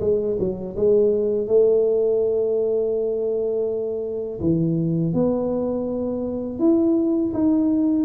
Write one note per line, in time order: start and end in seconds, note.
0.00 0.37 G#3
0.39 0.75 F#3
0.76 1.47 G#3
1.47 4.40 A3
4.40 5.13 E3
5.13 6.59 B3
6.59 7.32 E4
7.33 8.05 D#4